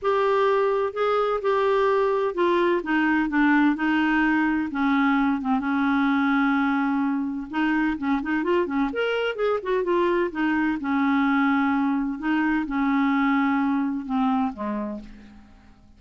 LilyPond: \new Staff \with { instrumentName = "clarinet" } { \time 4/4 \tempo 4 = 128 g'2 gis'4 g'4~ | g'4 f'4 dis'4 d'4 | dis'2 cis'4. c'8 | cis'1 |
dis'4 cis'8 dis'8 f'8 cis'8 ais'4 | gis'8 fis'8 f'4 dis'4 cis'4~ | cis'2 dis'4 cis'4~ | cis'2 c'4 gis4 | }